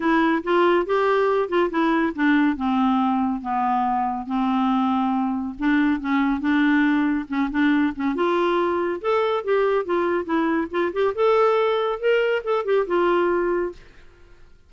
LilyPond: \new Staff \with { instrumentName = "clarinet" } { \time 4/4 \tempo 4 = 140 e'4 f'4 g'4. f'8 | e'4 d'4 c'2 | b2 c'2~ | c'4 d'4 cis'4 d'4~ |
d'4 cis'8 d'4 cis'8 f'4~ | f'4 a'4 g'4 f'4 | e'4 f'8 g'8 a'2 | ais'4 a'8 g'8 f'2 | }